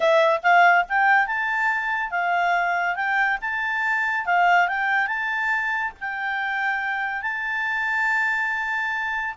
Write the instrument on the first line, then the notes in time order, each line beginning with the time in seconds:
clarinet
0.00 E5
0.42 F5
0.88 G5
1.26 A5
2.10 F5
2.95 G5
3.41 A5
4.25 F5
4.68 G5
5.07 A5
6.00 G5
7.21 A5